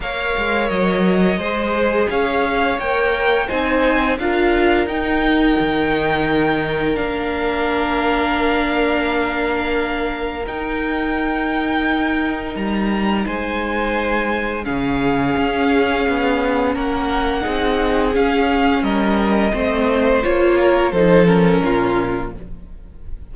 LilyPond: <<
  \new Staff \with { instrumentName = "violin" } { \time 4/4 \tempo 4 = 86 f''4 dis''2 f''4 | g''4 gis''4 f''4 g''4~ | g''2 f''2~ | f''2. g''4~ |
g''2 ais''4 gis''4~ | gis''4 f''2. | fis''2 f''4 dis''4~ | dis''4 cis''4 c''8 ais'4. | }
  \new Staff \with { instrumentName = "violin" } { \time 4/4 cis''2 c''4 cis''4~ | cis''4 c''4 ais'2~ | ais'1~ | ais'1~ |
ais'2. c''4~ | c''4 gis'2. | ais'4 gis'2 ais'4 | c''4. ais'8 a'4 f'4 | }
  \new Staff \with { instrumentName = "viola" } { \time 4/4 ais'2 gis'2 | ais'4 dis'4 f'4 dis'4~ | dis'2 d'2~ | d'2. dis'4~ |
dis'1~ | dis'4 cis'2.~ | cis'4 dis'4 cis'2 | c'4 f'4 dis'8 cis'4. | }
  \new Staff \with { instrumentName = "cello" } { \time 4/4 ais8 gis8 fis4 gis4 cis'4 | ais4 c'4 d'4 dis'4 | dis2 ais2~ | ais2. dis'4~ |
dis'2 g4 gis4~ | gis4 cis4 cis'4 b4 | ais4 c'4 cis'4 g4 | a4 ais4 f4 ais,4 | }
>>